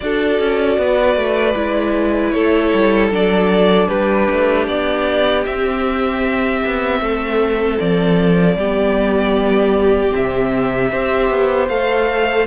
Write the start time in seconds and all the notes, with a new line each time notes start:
0.00 D4 F#4 A4 D5
0.39 C#4
0.78 B3 B4
1.15 A3
1.55 G#3 E4
2.31 A3 A4 C#5
2.73 G3
3.10 F#3 D4 D5
3.87 G3 G4 B4
4.30 A3
4.67 B3 D5
5.44 C4 E5
6.65 B3
7.00 A3 A4
7.79 F3 D5
8.56 G3 B3 G4
10.11 C3 C4 E5
10.91 C4 G4 C5
11.30 B3
11.68 A3 A4 F5